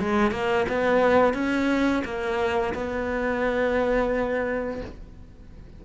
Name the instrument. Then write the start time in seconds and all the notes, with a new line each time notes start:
cello
0.00 G#3
0.32 A#3
0.69 B3
1.34 C#4
2.05 A#3
2.74 B3